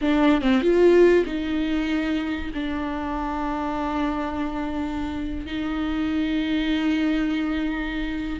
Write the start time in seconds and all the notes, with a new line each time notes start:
0.01 D4
0.41 C4
0.61 F4
1.25 D#4
2.53 D4
5.45 D#4